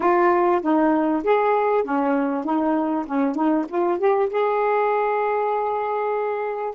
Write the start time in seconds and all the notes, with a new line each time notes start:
0.00 F4
0.62 D#4
1.23 G#4
1.84 C#4
2.44 D#4
3.06 C#4
3.35 D#4
3.68 F4
3.98 G4
4.29 G#4